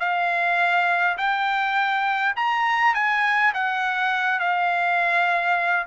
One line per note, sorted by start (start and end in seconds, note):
0.00 1.18 F5
1.18 2.36 G5
2.36 2.95 A#5
2.95 3.53 G#5
3.54 4.40 F#5
4.40 5.87 F5